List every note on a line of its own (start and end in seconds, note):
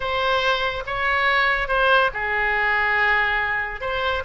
0.00 0.83 C5
0.86 1.68 C#5
1.68 2.10 C5
2.13 3.80 G#4
3.80 4.23 C5